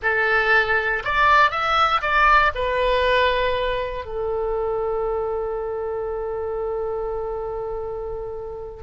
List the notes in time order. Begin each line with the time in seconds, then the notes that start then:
0.02 A4
1.04 D5
1.50 E5
2.01 D5
2.55 B4
4.05 A4